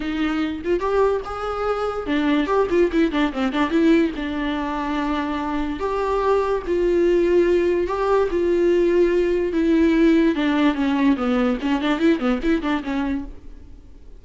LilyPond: \new Staff \with { instrumentName = "viola" } { \time 4/4 \tempo 4 = 145 dis'4. f'8 g'4 gis'4~ | gis'4 d'4 g'8 f'8 e'8 d'8 | c'8 d'8 e'4 d'2~ | d'2 g'2 |
f'2. g'4 | f'2. e'4~ | e'4 d'4 cis'4 b4 | cis'8 d'8 e'8 b8 e'8 d'8 cis'4 | }